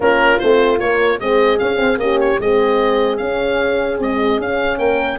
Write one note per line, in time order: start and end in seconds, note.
0.00 0.39 A#3
0.00 0.40 C#4
0.00 1.21 F4
0.00 0.38 A#4
0.38 0.80 A3
0.38 0.78 C4
0.38 0.78 C5
0.78 1.18 A#3
0.78 1.20 A#3
0.78 1.19 C#5
1.20 1.60 G#3
1.20 1.58 C4
1.20 2.01 G#4
1.20 1.58 D#5
1.58 1.76 C#4
1.58 1.80 C#4
1.58 1.98 F5
1.76 1.96 C4
1.76 1.97 C4
1.97 2.37 A#3
1.97 2.39 C#4
1.97 2.41 G4
1.97 2.19 D#5
2.20 2.40 C#5
2.39 3.19 G#3
2.39 3.19 C4
2.39 4.79 G#4
2.39 3.17 D#5
3.17 3.99 C#4
3.17 3.98 C#4
3.17 3.97 F5
3.98 4.41 G#3
3.98 4.38 C4
3.98 4.41 D#5
4.38 4.78 C#4
4.38 5.18 C#4
4.38 4.78 F5
4.78 5.18 A#3
4.78 5.18 A#4
4.78 5.18 G5